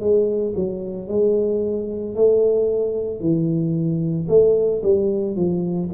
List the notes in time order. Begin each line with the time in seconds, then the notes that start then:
0.00 G#3
0.56 F#3
1.09 G#3
2.16 A3
3.20 E3
4.29 A3
4.83 G3
5.36 F3